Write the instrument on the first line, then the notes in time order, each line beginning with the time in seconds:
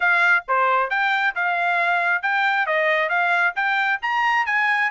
trumpet
0.00 F5
0.48 C5
0.89 G5
1.35 F5
2.22 G5
2.66 D#5
3.09 F5
3.55 G5
4.02 A#5
4.46 G#5